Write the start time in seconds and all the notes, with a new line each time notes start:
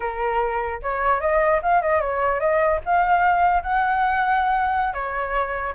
0.00 A#4
0.82 C#5
1.20 D#5
1.62 F5
1.81 D#5
2.00 C#5
2.40 D#5
2.85 F5
3.63 F#5
4.93 C#5